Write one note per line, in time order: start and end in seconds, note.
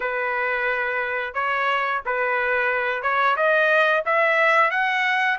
0.00 1.33 B4
1.33 2.01 C#5
2.05 3.02 B4
3.02 3.36 C#5
3.36 4.03 D#5
4.05 4.70 E5
4.70 5.37 F#5